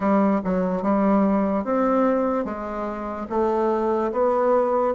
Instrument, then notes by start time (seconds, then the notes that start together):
bassoon
0.00 G3
0.44 F#3
0.82 G3
1.64 C4
2.44 G#3
3.29 A3
4.12 B3